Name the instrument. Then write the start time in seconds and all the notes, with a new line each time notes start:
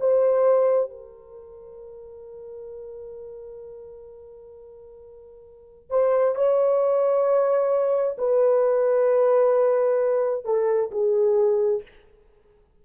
horn
0.00 C5
0.90 A#4
5.90 C5
6.35 C#5
8.18 B4
10.45 A4
10.91 G#4